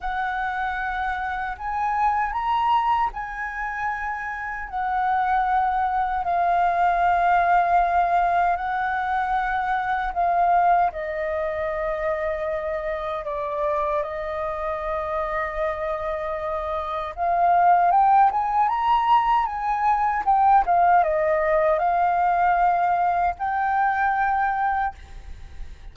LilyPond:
\new Staff \with { instrumentName = "flute" } { \time 4/4 \tempo 4 = 77 fis''2 gis''4 ais''4 | gis''2 fis''2 | f''2. fis''4~ | fis''4 f''4 dis''2~ |
dis''4 d''4 dis''2~ | dis''2 f''4 g''8 gis''8 | ais''4 gis''4 g''8 f''8 dis''4 | f''2 g''2 | }